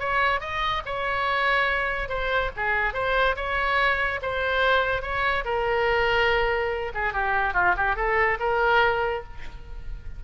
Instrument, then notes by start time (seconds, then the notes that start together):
oboe
0.00 C#5
0.41 D#5
0.86 C#5
2.09 C5
2.57 G#4
2.94 C5
3.36 C#5
4.22 C5
5.03 C#5
5.45 A#4
6.95 G#4
7.14 G4
7.54 F4
7.77 G4
7.96 A4
8.40 A#4